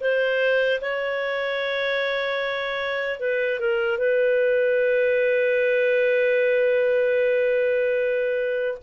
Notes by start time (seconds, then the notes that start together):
0.00 C5
0.81 C#5
3.19 B4
3.59 A#4
3.98 B4